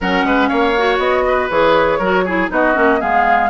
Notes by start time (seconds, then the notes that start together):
0.00 F#3 C#4 A#4 F#5
0.24 G#3 B4
0.48 A#3 C#5 F5
0.77 F#4
0.98 B3 D#5
1.27 B4
1.49 E3 G#4 C#5
1.98 F#3 F#4 A#4
2.25 E4 G#4
2.49 B3 D#4 F#4 D#5
2.74 A#3 C#4
3.00 G#3 B3 G#4 F5